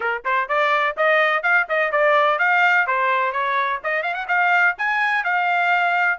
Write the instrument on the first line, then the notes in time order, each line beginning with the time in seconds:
trumpet
0.00 A#4
0.24 C5
0.48 D5
0.97 D#5
1.43 F5
1.68 D#5
1.91 D5
2.39 F5
2.86 C5
3.32 C#5
3.83 D#5
4.02 F5
4.14 F#5
4.27 F5
4.77 G#5
5.24 F5